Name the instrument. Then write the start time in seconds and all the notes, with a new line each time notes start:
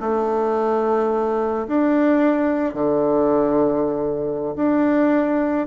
bassoon
0.00 A3
1.67 D4
2.74 D3
4.56 D4